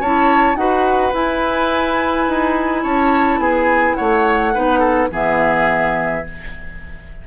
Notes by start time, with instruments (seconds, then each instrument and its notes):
0.00 bassoon C#4, clarinet E4, oboe C#5, flute A5
0.55 bassoon D#4, clarinet F#4, oboe B4, flute F#5
1.13 clarinet E4, bassoon E4, flute G#5
2.28 bassoon D#4
2.83 bassoon C#4, oboe C#5, flute A5
3.38 bassoon B3, oboe G#4, flute G#5
3.95 bassoon A3, oboe C#5, flute F#5
4.53 bassoon B3, clarinet D#4, oboe B4
4.79 oboe A4
5.10 bassoon E3, clarinet B3, oboe G#4, flute E5